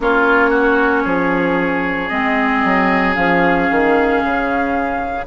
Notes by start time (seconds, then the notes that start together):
0.00 A#3 C#4 F4 C#5
0.50 F#4
1.04 F3 G#4
2.08 G#3 C4 D#5
2.64 F#3
3.14 F3 C#4 F5
3.70 D#3
4.23 C#3